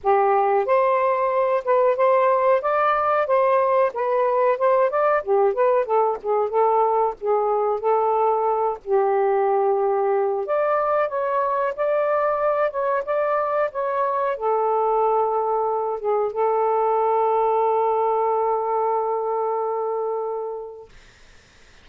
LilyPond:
\new Staff \with { instrumentName = "saxophone" } { \time 4/4 \tempo 4 = 92 g'4 c''4. b'8 c''4 | d''4 c''4 b'4 c''8 d''8 | g'8 b'8 a'8 gis'8 a'4 gis'4 | a'4. g'2~ g'8 |
d''4 cis''4 d''4. cis''8 | d''4 cis''4 a'2~ | a'8 gis'8 a'2.~ | a'1 | }